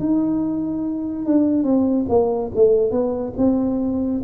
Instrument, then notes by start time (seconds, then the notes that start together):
tuba
0.00 D#4
1.26 D4
1.64 C4
2.09 A#3
2.55 A3
2.92 B3
3.37 C4